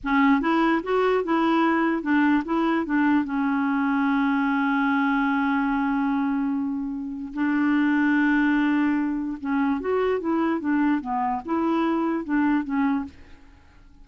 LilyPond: \new Staff \with { instrumentName = "clarinet" } { \time 4/4 \tempo 4 = 147 cis'4 e'4 fis'4 e'4~ | e'4 d'4 e'4 d'4 | cis'1~ | cis'1~ |
cis'2 d'2~ | d'2. cis'4 | fis'4 e'4 d'4 b4 | e'2 d'4 cis'4 | }